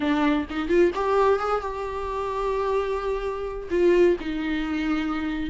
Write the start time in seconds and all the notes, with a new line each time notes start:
0.00 D4
0.50 D#4
0.68 F4
0.94 G4
1.39 G#4
1.61 G4
3.70 F4
4.20 D#4